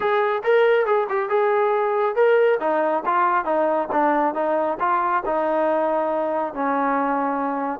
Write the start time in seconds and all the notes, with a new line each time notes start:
0.00 G#4
0.43 A#4
0.86 G#4
1.09 G4
1.29 G#4
2.15 A#4
2.60 D#4
3.05 F4
3.44 D#4
3.92 D4
4.34 D#4
4.79 F4
5.25 D#4
6.54 C#4